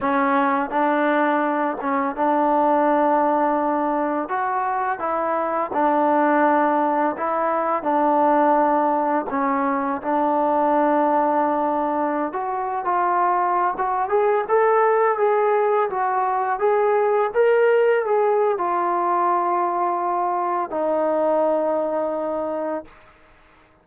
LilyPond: \new Staff \with { instrumentName = "trombone" } { \time 4/4 \tempo 4 = 84 cis'4 d'4. cis'8 d'4~ | d'2 fis'4 e'4 | d'2 e'4 d'4~ | d'4 cis'4 d'2~ |
d'4~ d'16 fis'8. f'4~ f'16 fis'8 gis'16~ | gis'16 a'4 gis'4 fis'4 gis'8.~ | gis'16 ais'4 gis'8. f'2~ | f'4 dis'2. | }